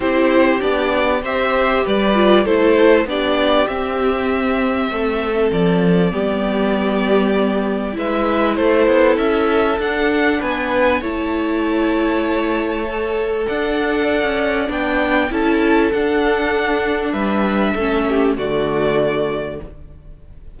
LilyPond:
<<
  \new Staff \with { instrumentName = "violin" } { \time 4/4 \tempo 4 = 98 c''4 d''4 e''4 d''4 | c''4 d''4 e''2~ | e''4 d''2.~ | d''4 e''4 c''4 e''4 |
fis''4 gis''4 a''2~ | a''2 fis''2 | g''4 a''4 fis''2 | e''2 d''2 | }
  \new Staff \with { instrumentName = "violin" } { \time 4/4 g'2 c''4 b'4 | a'4 g'2. | a'2 g'2~ | g'4 b'4 a'2~ |
a'4 b'4 cis''2~ | cis''2 d''2~ | d''4 a'2. | b'4 a'8 g'8 fis'2 | }
  \new Staff \with { instrumentName = "viola" } { \time 4/4 e'4 d'4 g'4. f'8 | e'4 d'4 c'2~ | c'2 b2~ | b4 e'2. |
d'2 e'2~ | e'4 a'2. | d'4 e'4 d'2~ | d'4 cis'4 a2 | }
  \new Staff \with { instrumentName = "cello" } { \time 4/4 c'4 b4 c'4 g4 | a4 b4 c'2 | a4 f4 g2~ | g4 gis4 a8 b8 cis'4 |
d'4 b4 a2~ | a2 d'4~ d'16 cis'8. | b4 cis'4 d'2 | g4 a4 d2 | }
>>